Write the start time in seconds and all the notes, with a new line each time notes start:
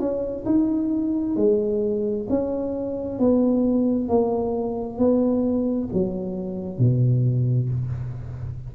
0.00 C#4
0.45 D#4
1.36 G#3
2.30 C#4
3.19 B3
4.09 A#3
4.98 B3
5.93 F#3
6.79 B2